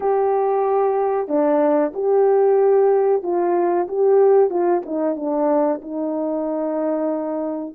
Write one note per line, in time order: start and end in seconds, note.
0.00 1.28 G4
1.28 1.92 D4
1.94 3.23 G4
3.23 3.87 F4
3.88 4.50 G4
4.50 4.82 F4
4.85 5.16 D#4
5.16 5.80 D4
5.81 7.74 D#4